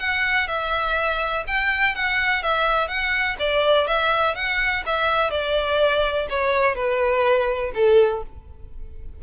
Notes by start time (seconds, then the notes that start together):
0.00 F#5
0.48 E5
1.48 G5
1.96 F#5
2.43 E5
2.89 F#5
3.40 D5
3.88 E5
4.36 F#5
4.86 E5
5.31 D5
6.30 C#5
6.76 B4
7.75 A4